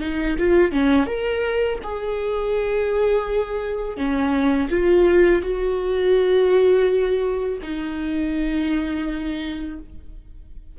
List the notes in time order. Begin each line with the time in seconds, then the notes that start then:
0.00 D#4
0.38 F4
0.72 C#4
1.06 A#4
1.83 G#4
3.97 C#4
4.70 F4
5.42 F#4
7.62 D#4